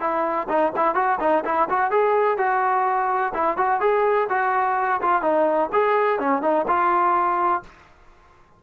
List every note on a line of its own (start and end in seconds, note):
0.00 0.48 E4
0.49 0.73 D#4
0.76 0.95 E4
0.95 1.19 F#4
1.20 1.44 D#4
1.45 1.69 E4
1.69 1.91 F#4
1.91 2.38 G#4
2.38 3.33 F#4
3.34 3.57 E4
3.57 3.81 F#4
3.81 4.28 G#4
4.29 5.01 F#4
5.02 5.22 F4
5.22 5.70 D#4
5.72 6.19 G#4
6.19 6.42 C#4
6.42 6.66 D#4
6.68 7.63 F4